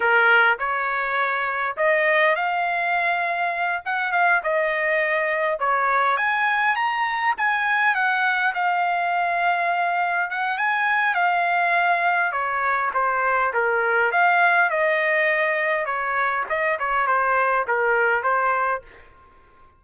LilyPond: \new Staff \with { instrumentName = "trumpet" } { \time 4/4 \tempo 4 = 102 ais'4 cis''2 dis''4 | f''2~ f''8 fis''8 f''8 dis''8~ | dis''4. cis''4 gis''4 ais''8~ | ais''8 gis''4 fis''4 f''4.~ |
f''4. fis''8 gis''4 f''4~ | f''4 cis''4 c''4 ais'4 | f''4 dis''2 cis''4 | dis''8 cis''8 c''4 ais'4 c''4 | }